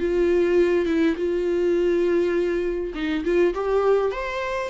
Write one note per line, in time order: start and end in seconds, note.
0.00 0.86 F4
0.86 1.16 E4
1.17 2.93 F4
2.95 3.25 D#4
3.25 3.54 F4
3.54 4.12 G4
4.12 4.70 C5